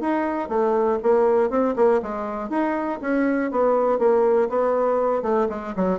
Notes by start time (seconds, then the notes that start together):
0.00 D#4
0.48 A3
1.02 A#3
1.50 C4
1.75 A#3
2.02 G#3
2.49 D#4
3.01 C#4
3.51 B3
3.98 A#3
4.49 B3
5.22 A3
5.49 G#3
5.75 F#3